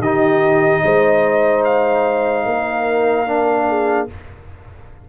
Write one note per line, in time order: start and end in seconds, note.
0.00 0.81 D#3
0.00 3.27 D#4
0.00 0.83 G4
0.00 1.64 D#5
0.84 2.46 G#3
0.84 2.47 C5
1.65 4.08 F5
2.46 4.08 A#3
2.46 3.69 A#4
3.27 4.08 D4
3.69 4.09 G#4